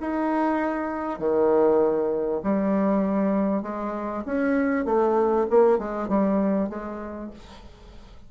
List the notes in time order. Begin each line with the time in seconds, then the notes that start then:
0.00 D#4
1.19 D#3
2.43 G3
3.62 G#3
4.25 C#4
4.85 A3
5.50 A#3
5.78 G#3
6.08 G3
6.69 G#3